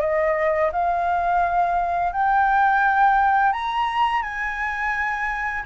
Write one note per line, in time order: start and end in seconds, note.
0.00 0.71 D#5
0.72 2.12 F5
2.12 3.52 G5
3.52 4.22 A#5
4.22 5.63 G#5